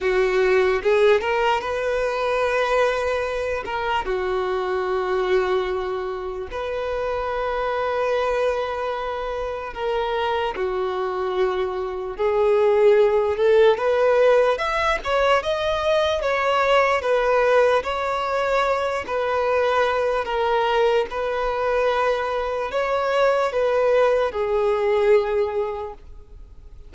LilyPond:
\new Staff \with { instrumentName = "violin" } { \time 4/4 \tempo 4 = 74 fis'4 gis'8 ais'8 b'2~ | b'8 ais'8 fis'2. | b'1 | ais'4 fis'2 gis'4~ |
gis'8 a'8 b'4 e''8 cis''8 dis''4 | cis''4 b'4 cis''4. b'8~ | b'4 ais'4 b'2 | cis''4 b'4 gis'2 | }